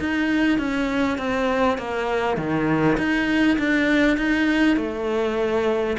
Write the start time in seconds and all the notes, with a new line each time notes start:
0.00 D#4
0.59 C#4
1.18 C4
1.78 A#3
2.37 D#3
2.98 D#4
3.59 D4
4.17 D#4
4.77 A3